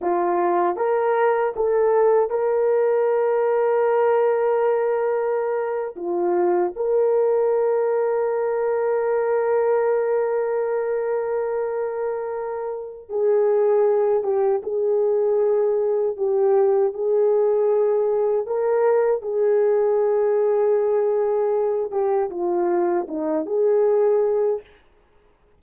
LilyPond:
\new Staff \with { instrumentName = "horn" } { \time 4/4 \tempo 4 = 78 f'4 ais'4 a'4 ais'4~ | ais'2.~ ais'8. f'16~ | f'8. ais'2.~ ais'16~ | ais'1~ |
ais'4 gis'4. g'8 gis'4~ | gis'4 g'4 gis'2 | ais'4 gis'2.~ | gis'8 g'8 f'4 dis'8 gis'4. | }